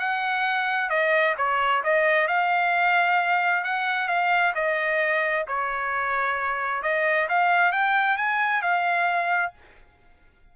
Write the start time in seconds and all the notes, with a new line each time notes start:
0.00 F#5
0.90 D#5
1.38 C#5
1.84 D#5
2.28 F5
3.64 F#5
4.08 F5
4.55 D#5
5.48 C#5
6.83 D#5
7.29 F5
7.72 G5
8.18 G#5
8.62 F5